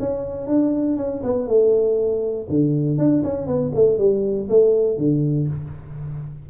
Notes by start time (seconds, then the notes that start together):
0.00 C#4
0.47 D4
0.97 C#4
1.23 B3
1.47 A3
2.50 D3
2.98 D4
3.24 C#4
3.47 B3
3.75 A3
3.98 G3
4.49 A3
4.98 D3